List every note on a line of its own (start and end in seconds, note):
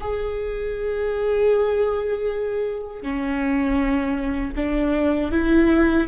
0.00 3.02 G#4
3.02 4.54 C#4
4.56 5.31 D4
5.31 6.07 E4